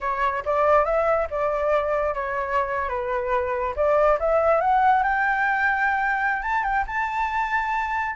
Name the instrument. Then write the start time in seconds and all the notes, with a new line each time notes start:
flute
0.01 C#5
0.45 D5
0.84 E5
1.30 D5
2.14 C#5
2.88 B4
3.75 D5
4.19 E5
4.60 F#5
5.03 G5
6.42 A5
6.63 G5
6.86 A5